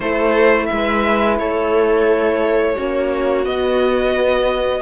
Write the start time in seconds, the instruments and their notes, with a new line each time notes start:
0.00 cello A3, horn E4, viola A4, violin C5
0.66 cello G#3, violin E5
0.72 viola B4
1.38 cello A3, viola A4, violin C#5
2.75 cello A#3, horn C#4, viola F#4
3.44 horn B3, cello B3, violin D#5